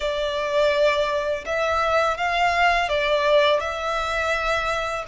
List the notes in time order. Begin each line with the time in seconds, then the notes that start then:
0.00 D5
1.45 E5
2.17 F5
2.88 D5
3.59 E5